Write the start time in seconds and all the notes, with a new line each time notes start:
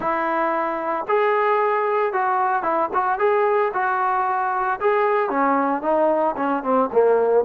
0.00 E4
1.07 G#4
2.12 F#4
2.62 E4
2.93 F#4
3.18 G#4
3.73 F#4
4.80 G#4
5.29 C#4
5.82 D#4
6.36 C#4
6.63 C4
6.92 A#3